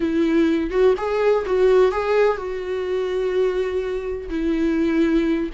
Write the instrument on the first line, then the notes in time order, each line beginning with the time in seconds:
viola
0.00 E4
0.70 F#4
0.97 G#4
1.46 F#4
1.91 G#4
2.37 F#4
4.29 E4